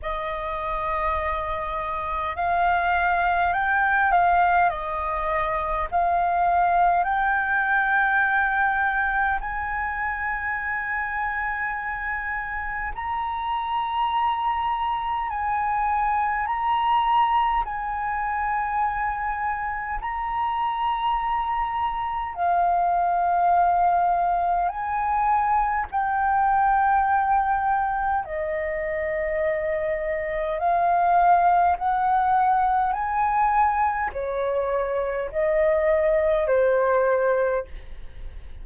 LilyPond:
\new Staff \with { instrumentName = "flute" } { \time 4/4 \tempo 4 = 51 dis''2 f''4 g''8 f''8 | dis''4 f''4 g''2 | gis''2. ais''4~ | ais''4 gis''4 ais''4 gis''4~ |
gis''4 ais''2 f''4~ | f''4 gis''4 g''2 | dis''2 f''4 fis''4 | gis''4 cis''4 dis''4 c''4 | }